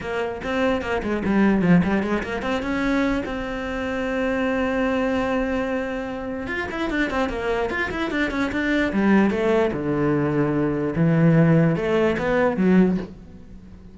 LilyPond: \new Staff \with { instrumentName = "cello" } { \time 4/4 \tempo 4 = 148 ais4 c'4 ais8 gis8 g4 | f8 g8 gis8 ais8 c'8 cis'4. | c'1~ | c'1 |
f'8 e'8 d'8 c'8 ais4 f'8 e'8 | d'8 cis'8 d'4 g4 a4 | d2. e4~ | e4 a4 b4 fis4 | }